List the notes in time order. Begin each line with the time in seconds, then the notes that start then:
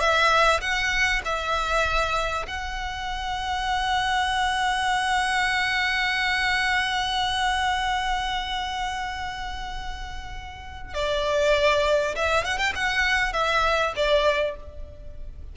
0.00 E5
0.61 F#5
1.25 E5
2.47 F#5
10.94 D5
12.16 E5
12.45 F#5
12.58 G5
12.75 F#5
13.33 E5
13.96 D5